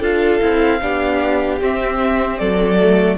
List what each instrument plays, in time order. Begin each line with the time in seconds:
0.00 cello D4, viola F4, violin A4 F5
0.41 cello C4, viola E4
0.81 cello B3, viola D4, violin G4
1.61 viola C4, cello C4, violin E5
2.38 cello F#3, violin A4 D5
2.80 viola A3